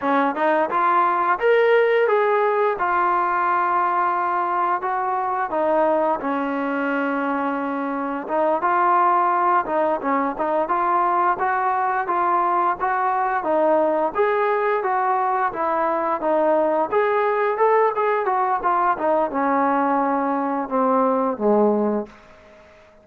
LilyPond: \new Staff \with { instrumentName = "trombone" } { \time 4/4 \tempo 4 = 87 cis'8 dis'8 f'4 ais'4 gis'4 | f'2. fis'4 | dis'4 cis'2. | dis'8 f'4. dis'8 cis'8 dis'8 f'8~ |
f'8 fis'4 f'4 fis'4 dis'8~ | dis'8 gis'4 fis'4 e'4 dis'8~ | dis'8 gis'4 a'8 gis'8 fis'8 f'8 dis'8 | cis'2 c'4 gis4 | }